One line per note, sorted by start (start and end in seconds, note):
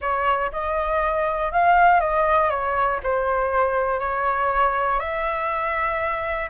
0.01 0.51 C#5
0.52 1.52 D#5
1.52 2.00 F5
2.00 2.50 D#5
2.50 3.00 C#5
3.03 3.99 C5
3.99 4.99 C#5
4.99 6.49 E5